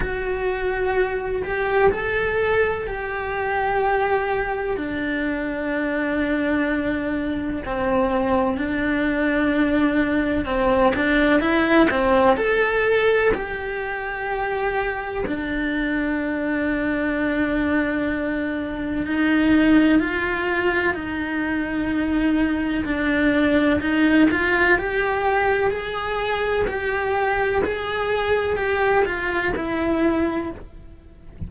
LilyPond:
\new Staff \with { instrumentName = "cello" } { \time 4/4 \tempo 4 = 63 fis'4. g'8 a'4 g'4~ | g'4 d'2. | c'4 d'2 c'8 d'8 | e'8 c'8 a'4 g'2 |
d'1 | dis'4 f'4 dis'2 | d'4 dis'8 f'8 g'4 gis'4 | g'4 gis'4 g'8 f'8 e'4 | }